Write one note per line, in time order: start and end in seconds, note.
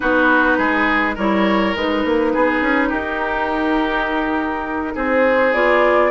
0.00 0.58 B3
0.00 1.15 D#4
0.00 0.57 F#4
0.00 1.16 B4
0.57 1.16 G#3
0.57 1.15 G#4
1.15 1.75 G3
1.15 1.75 E4
1.15 2.31 A#4
1.15 1.75 C#5
1.75 2.04 G#3
1.75 5.54 D#4
1.75 2.92 B4
2.04 2.33 A#3
2.33 2.61 B3
2.33 2.89 G#4
2.61 2.90 C#4
2.89 4.95 D#4
2.89 4.92 G4
2.89 4.95 A#4
4.95 5.53 C4
4.95 6.11 G#4
4.95 5.53 C5
5.53 6.11 B3
5.53 6.11 F4
5.53 6.11 D5